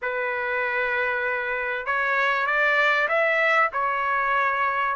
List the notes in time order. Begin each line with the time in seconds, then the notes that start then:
0.02 B4
1.86 C#5
2.46 D5
3.08 E5
3.73 C#5